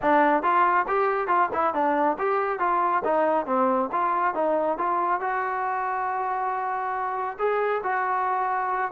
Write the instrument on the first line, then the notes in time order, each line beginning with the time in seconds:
trombone
0.02 D4
0.42 F4
0.87 G4
1.27 F4
1.53 E4
1.74 D4
2.18 G4
2.59 F4
3.04 D#4
3.46 C4
3.92 F4
4.34 D#4
4.77 F4
5.20 F#4
7.38 G#4
7.83 F#4